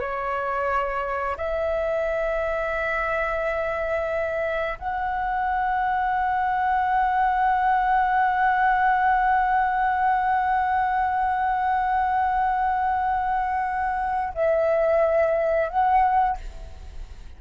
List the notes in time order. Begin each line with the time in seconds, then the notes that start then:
0.00 C#5
1.37 E5
4.79 F#5
14.35 E5
15.69 F#5